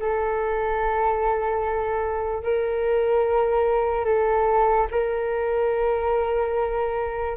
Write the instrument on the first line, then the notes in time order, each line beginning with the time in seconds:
flute
0.00 A4
2.44 A#4
4.05 A4
4.91 A#4